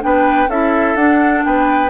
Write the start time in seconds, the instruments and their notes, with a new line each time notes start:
0.00 bassoon B3, clarinet D4, oboe B4, flute G5
0.47 bassoon C#4, clarinet E4, oboe A4, flute E5
0.95 bassoon D4, clarinet D4, flute F#5
1.44 bassoon B3, oboe B4, flute G5